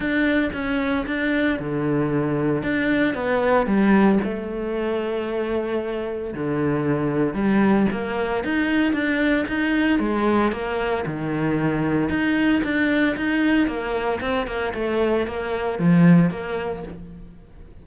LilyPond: \new Staff \with { instrumentName = "cello" } { \time 4/4 \tempo 4 = 114 d'4 cis'4 d'4 d4~ | d4 d'4 b4 g4 | a1 | d2 g4 ais4 |
dis'4 d'4 dis'4 gis4 | ais4 dis2 dis'4 | d'4 dis'4 ais4 c'8 ais8 | a4 ais4 f4 ais4 | }